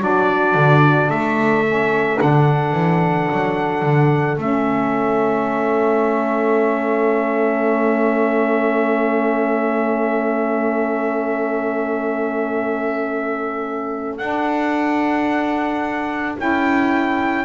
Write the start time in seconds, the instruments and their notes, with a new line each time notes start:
0.00 double bass F#3, saxophone D4, horn F#4, trumpet D5
0.54 double bass D3
1.09 double bass A3, horn A4, trumpet E5
1.66 saxophone C#4
2.18 double bass D3, saxophone D4, trumpet F#5
2.72 double bass E3
3.31 double bass F#3
3.82 double bass D3
4.36 double bass A3, saxophone C#4, trumpet E5
14.17 double bass D4, saxophone D4, trumpet F#5
16.37 double bass C#4, saxophone E4, trumpet G5